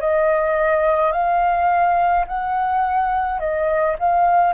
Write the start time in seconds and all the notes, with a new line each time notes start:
0.00 D#5
1.12 F5
2.27 F#5
3.40 D#5
3.99 F5